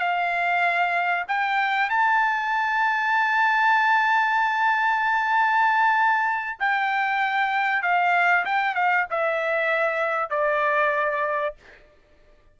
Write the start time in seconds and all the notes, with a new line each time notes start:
0.00 F5
1.28 G5
1.90 A5
6.60 G5
7.83 F5
8.45 G5
8.75 F5
9.11 E5
10.30 D5